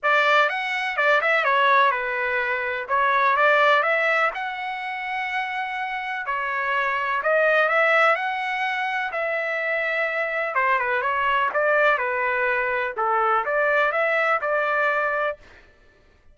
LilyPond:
\new Staff \with { instrumentName = "trumpet" } { \time 4/4 \tempo 4 = 125 d''4 fis''4 d''8 e''8 cis''4 | b'2 cis''4 d''4 | e''4 fis''2.~ | fis''4 cis''2 dis''4 |
e''4 fis''2 e''4~ | e''2 c''8 b'8 cis''4 | d''4 b'2 a'4 | d''4 e''4 d''2 | }